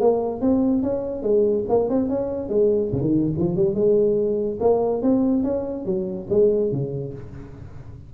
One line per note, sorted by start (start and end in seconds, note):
0.00 0.40 A#3
0.40 0.82 C4
0.82 1.22 C#4
1.22 1.64 G#3
1.69 1.89 A#3
1.89 2.09 C4
2.09 2.49 C#4
2.49 2.91 G#3
2.92 3.01 C#3
3.01 3.32 D#3
3.37 3.56 F3
3.56 3.74 G3
3.74 4.58 G#3
4.60 5.02 A#3
5.02 5.43 C4
5.43 5.85 C#4
5.85 6.27 F#3
6.30 6.72 G#3
6.72 7.14 C#3